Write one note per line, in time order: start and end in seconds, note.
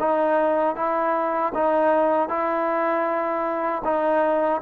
0.00 0.76 D#4
0.76 1.53 E4
1.55 2.29 D#4
2.29 3.83 E4
3.84 4.61 D#4